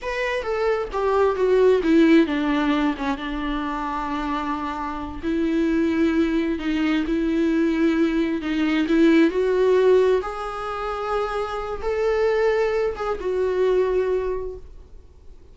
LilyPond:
\new Staff \with { instrumentName = "viola" } { \time 4/4 \tempo 4 = 132 b'4 a'4 g'4 fis'4 | e'4 d'4. cis'8 d'4~ | d'2.~ d'8 e'8~ | e'2~ e'8 dis'4 e'8~ |
e'2~ e'8 dis'4 e'8~ | e'8 fis'2 gis'4.~ | gis'2 a'2~ | a'8 gis'8 fis'2. | }